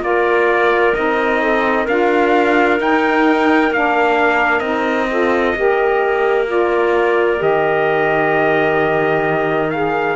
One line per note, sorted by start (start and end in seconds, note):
0.00 0.92 A#3
0.00 0.93 F4
0.00 1.41 A#4
0.00 0.94 D5
0.94 1.87 C4
0.94 1.87 D#4
0.94 1.86 D#5
1.41 1.83 A4
1.83 2.79 D4
1.83 2.78 F4
1.83 5.07 A#4
1.83 2.80 F5
2.78 3.70 D#4
2.78 3.71 D#4
2.78 3.73 G5
3.71 4.60 A#3
3.71 4.62 D4
3.71 4.59 F5
4.59 5.52 C4
4.59 5.08 D#4
4.59 6.44 D#5
5.09 5.54 F4
5.09 5.56 A4
5.54 7.40 A#3
5.54 6.46 G4
5.54 10.16 A#4
6.46 7.37 F4
6.46 7.42 D5
7.37 10.16 D#3
7.37 9.68 G4
7.37 9.70 D#5
9.70 10.16 G#4
9.70 10.16 F5